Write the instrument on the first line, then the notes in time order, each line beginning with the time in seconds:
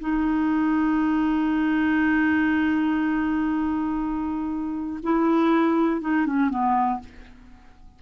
clarinet
0.00 D#4
5.03 E4
6.01 D#4
6.26 C#4
6.50 B3